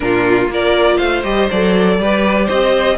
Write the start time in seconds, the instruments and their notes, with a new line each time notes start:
0.00 cello A#2, viola D4, violin F4 A#4
0.48 cello A#3, viola F4, violin A#4 D5
0.96 cello A3, violin C5 F5
1.23 cello G3, viola G4, violin D#5
1.50 cello F#3, viola A4, violin D5
1.98 cello G3, viola G4, violin B4
2.45 cello C4, violin C5 D#5